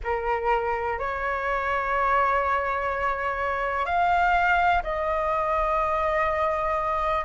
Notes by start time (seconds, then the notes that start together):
0.03 A#4
0.99 C#5
3.85 F5
4.83 D#5